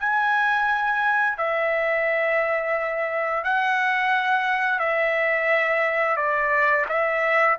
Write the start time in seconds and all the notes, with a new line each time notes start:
0.00 G#5
1.38 E5
3.45 F#5
4.80 E5
6.17 D5
6.89 E5